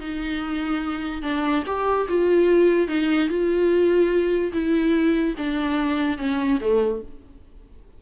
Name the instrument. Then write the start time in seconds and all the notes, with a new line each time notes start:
viola
0.00 D#4
1.22 D4
1.66 G4
2.08 F4
2.87 D#4
3.28 F4
4.52 E4
5.37 D4
6.17 C#4
6.60 A3